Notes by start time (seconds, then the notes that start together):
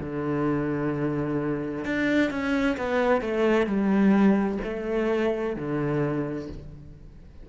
0.00 D3
1.85 D4
2.30 C#4
2.77 B3
3.21 A3
3.66 G3
4.64 A3
5.56 D3